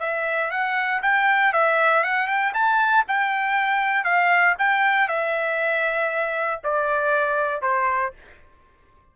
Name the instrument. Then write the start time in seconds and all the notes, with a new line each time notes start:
trumpet
0.00 E5
0.51 F#5
1.03 G5
1.53 E5
2.04 F#5
2.28 G5
2.54 A5
3.08 G5
4.04 F5
4.59 G5
5.09 E5
6.64 D5
7.62 C5